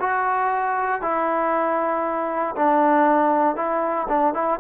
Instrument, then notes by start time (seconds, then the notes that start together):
trombone
0.00 F#4
1.02 E4
2.56 D4
3.56 E4
4.09 D4
4.34 E4